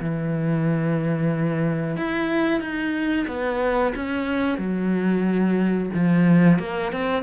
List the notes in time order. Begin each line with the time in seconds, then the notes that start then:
0.00 E3
1.96 E4
2.60 D#4
3.27 B3
3.95 C#4
4.58 F#3
5.93 F3
6.59 A#3
6.92 C4